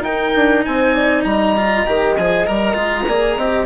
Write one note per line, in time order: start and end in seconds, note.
0.00 0.30 D#4
0.00 1.56 D#4
0.00 0.66 A#4
0.00 0.64 G5
0.36 0.66 D4
0.65 1.25 C4
0.65 0.94 C5
0.65 1.24 G#5
0.94 1.24 D5
1.24 1.85 G3
1.24 3.06 D#5
1.24 2.15 A#5
1.57 1.87 F4
1.87 2.18 D#3
1.87 2.17 G4
2.17 2.48 F3
2.17 2.47 G#4
2.17 2.47 G#5
2.47 2.76 G3
2.47 2.74 A#4
2.47 3.66 A#5
2.74 3.06 G#3
2.74 3.04 F4
3.08 3.37 A#3
3.08 3.39 G#4
3.08 3.37 D5
3.37 3.66 C4
3.37 3.66 G4
3.37 3.66 D#5